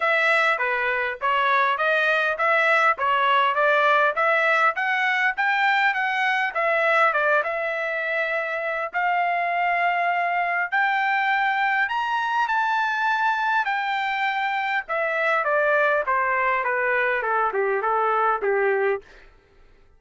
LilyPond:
\new Staff \with { instrumentName = "trumpet" } { \time 4/4 \tempo 4 = 101 e''4 b'4 cis''4 dis''4 | e''4 cis''4 d''4 e''4 | fis''4 g''4 fis''4 e''4 | d''8 e''2~ e''8 f''4~ |
f''2 g''2 | ais''4 a''2 g''4~ | g''4 e''4 d''4 c''4 | b'4 a'8 g'8 a'4 g'4 | }